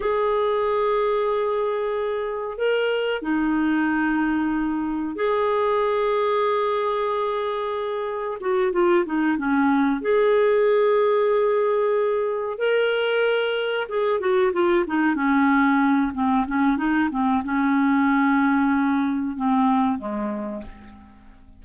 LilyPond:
\new Staff \with { instrumentName = "clarinet" } { \time 4/4 \tempo 4 = 93 gis'1 | ais'4 dis'2. | gis'1~ | gis'4 fis'8 f'8 dis'8 cis'4 gis'8~ |
gis'2.~ gis'8 ais'8~ | ais'4. gis'8 fis'8 f'8 dis'8 cis'8~ | cis'4 c'8 cis'8 dis'8 c'8 cis'4~ | cis'2 c'4 gis4 | }